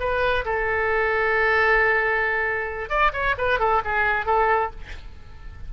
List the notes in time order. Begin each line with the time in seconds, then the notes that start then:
0.00 B4
0.45 A4
2.89 D5
3.13 C#5
3.38 B4
3.59 A4
3.84 G#4
4.26 A4